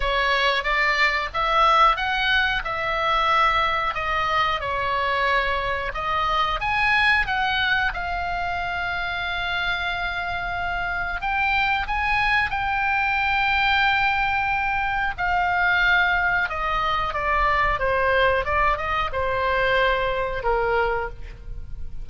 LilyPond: \new Staff \with { instrumentName = "oboe" } { \time 4/4 \tempo 4 = 91 cis''4 d''4 e''4 fis''4 | e''2 dis''4 cis''4~ | cis''4 dis''4 gis''4 fis''4 | f''1~ |
f''4 g''4 gis''4 g''4~ | g''2. f''4~ | f''4 dis''4 d''4 c''4 | d''8 dis''8 c''2 ais'4 | }